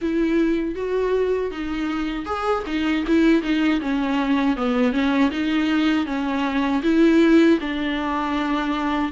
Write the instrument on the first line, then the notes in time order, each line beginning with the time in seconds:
viola
0.01 E4
0.75 F#4
1.51 D#4
2.25 G#4
2.66 D#4
3.07 E4
3.42 D#4
3.80 C#4
4.56 B3
4.92 C#4
5.31 D#4
6.06 C#4
6.82 E4
7.60 D4